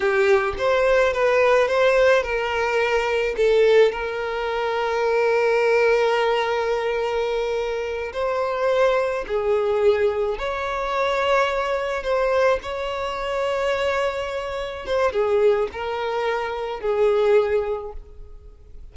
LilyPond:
\new Staff \with { instrumentName = "violin" } { \time 4/4 \tempo 4 = 107 g'4 c''4 b'4 c''4 | ais'2 a'4 ais'4~ | ais'1~ | ais'2~ ais'8 c''4.~ |
c''8 gis'2 cis''4.~ | cis''4. c''4 cis''4.~ | cis''2~ cis''8 c''8 gis'4 | ais'2 gis'2 | }